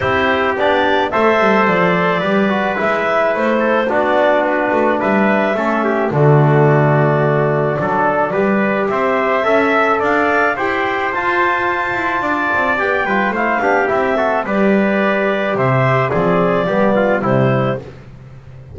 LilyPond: <<
  \new Staff \with { instrumentName = "clarinet" } { \time 4/4 \tempo 4 = 108 c''4 d''4 e''4 d''4~ | d''4 e''4 c''4 d''4 | b'4 e''2 d''4~ | d''1 |
e''2 f''4 g''4 | a''2. g''4 | f''4 e''4 d''2 | e''4 d''2 c''4 | }
  \new Staff \with { instrumentName = "trumpet" } { \time 4/4 g'2 c''2 | b'2~ b'8 a'8 fis'4~ | fis'4 b'4 a'8 g'8 fis'4~ | fis'2 a'4 b'4 |
c''4 e''4 d''4 c''4~ | c''2 d''4. b'8 | c''8 g'4 a'8 b'2 | c''4 gis'4 g'8 f'8 e'4 | }
  \new Staff \with { instrumentName = "trombone" } { \time 4/4 e'4 d'4 a'2 | g'8 fis'8 e'2 d'4~ | d'2 cis'4 a4~ | a2 d'4 g'4~ |
g'4 a'2 g'4 | f'2. g'8 f'8 | e'8 d'8 e'8 fis'8 g'2~ | g'4 c'4 b4 g4 | }
  \new Staff \with { instrumentName = "double bass" } { \time 4/4 c'4 b4 a8 g8 f4 | g4 gis4 a4 b4~ | b8 a8 g4 a4 d4~ | d2 fis4 g4 |
c'4 cis'4 d'4 e'4 | f'4. e'8 d'8 c'8 b8 g8 | a8 b8 c'4 g2 | c4 f4 g4 c4 | }
>>